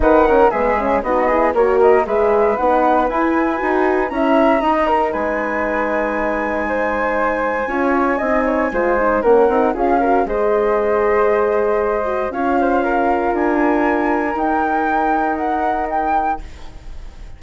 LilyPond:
<<
  \new Staff \with { instrumentName = "flute" } { \time 4/4 \tempo 4 = 117 fis''4 e''4 dis''4 cis''8 dis''8 | e''4 fis''4 gis''2 | ais''2 gis''2~ | gis''1~ |
gis''2 fis''4 f''4 | dis''1 | f''2 gis''2 | g''2 fis''4 g''4 | }
  \new Staff \with { instrumentName = "flute" } { \time 4/4 b'8 ais'8 gis'4 fis'8 gis'8 ais'4 | b'1 | e''4 dis''8 ais'8 b'2~ | b'4 c''2 cis''4 |
dis''8 cis''8 c''4 ais'4 gis'8 ais'8 | c''1 | cis''8 c''8 ais'2.~ | ais'1 | }
  \new Staff \with { instrumentName = "horn" } { \time 4/4 dis'8 cis'8 b8 cis'8 dis'8 e'8 fis'4 | gis'4 dis'4 e'4 fis'4 | e'4 dis'2.~ | dis'2. f'4 |
dis'4 f'8 dis'8 cis'8 dis'8 f'8 fis'8 | gis'2.~ gis'8 fis'8 | f'1 | dis'1 | }
  \new Staff \with { instrumentName = "bassoon" } { \time 4/4 dis4 gis4 b4 ais4 | gis4 b4 e'4 dis'4 | cis'4 dis'4 gis2~ | gis2. cis'4 |
c'4 gis4 ais8 c'8 cis'4 | gis1 | cis'2 d'2 | dis'1 | }
>>